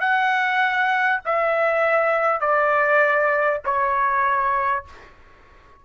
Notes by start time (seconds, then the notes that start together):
0.00 F#5
1.25 E5
2.41 D5
3.65 C#5